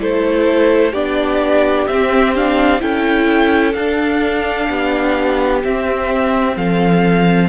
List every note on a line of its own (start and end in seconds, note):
0.00 0.94 A3
0.00 0.94 E4
0.00 0.93 A4
0.00 0.94 C5
0.93 1.87 B3
0.93 1.88 D4
0.93 2.80 G4
0.93 1.87 D5
1.88 2.82 C4
1.88 2.36 C4
1.88 2.34 E5
2.36 2.80 D4
2.36 2.82 F5
2.80 3.75 C#4
2.80 3.74 E4
2.80 4.70 A4
2.80 3.74 G5
3.74 4.69 D4
3.74 5.63 D4
3.74 5.62 F5
4.70 5.64 B3
4.70 6.56 G4
5.64 6.57 C4
5.64 7.50 C4
5.64 6.58 E5
6.56 7.50 F3
6.56 7.50 A4
6.56 7.50 F5